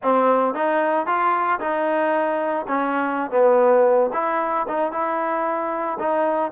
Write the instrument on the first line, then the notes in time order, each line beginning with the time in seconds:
trombone
0.02 C4
0.54 D#4
1.06 F4
1.59 D#4
2.67 C#4
3.30 B3
4.13 E4
4.67 D#4
4.91 E4
5.99 D#4